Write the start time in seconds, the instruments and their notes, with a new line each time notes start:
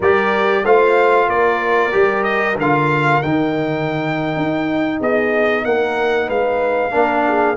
0.00 tuba G3, trombone G4, horn A#4, trumpet D5
0.64 tuba A3, trombone F4, horn C5, trumpet F5
1.28 tuba A#3, horn A#4, trumpet D5
1.91 tuba G3, trombone G4
2.23 trumpet D#5
2.57 tuba D3, trombone F4, trumpet F5
3.22 tuba D#3, trombone D#4, trumpet G5
4.36 tuba D#4
4.99 tuba B3, horn G#4, trumpet D#5
5.64 tuba A#3, horn A#4, trumpet F#5
6.26 tuba G#3, horn B4, trumpet F5
6.91 tuba A#3, trombone D4, horn A#4
7.27 horn G#4